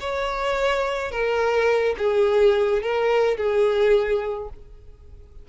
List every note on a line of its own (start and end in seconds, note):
0.00 1.11 C#5
1.11 1.95 A#4
1.98 2.82 G#4
2.82 3.37 A#4
3.37 4.49 G#4